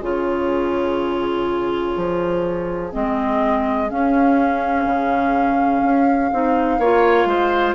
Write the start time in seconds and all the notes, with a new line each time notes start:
0.00 C#3 F4 G#4 C#5
1.97 F3
2.92 G#3 C4 D#5
3.90 C#4 F5
4.85 C#3
5.83 C#4
6.32 C4 D#4
6.79 A#3 F4 C#5
7.25 G#3 C5